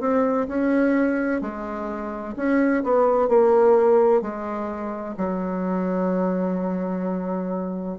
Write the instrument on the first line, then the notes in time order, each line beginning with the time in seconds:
bassoon
0.00 C4
0.48 C#4
1.41 G#3
2.36 C#4
2.83 B3
3.28 A#3
4.21 G#3
5.17 F#3